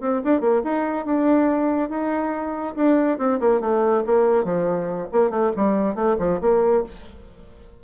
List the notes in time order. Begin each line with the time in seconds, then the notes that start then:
0.00 C4
0.24 D4
0.40 A#3
0.63 D#4
1.05 D4
1.89 D#4
2.75 D4
3.18 C4
3.39 A#3
3.61 A3
4.06 A#3
4.44 F3
5.12 A#3
5.30 A3
5.56 G3
5.95 A3
6.18 F3
6.41 A#3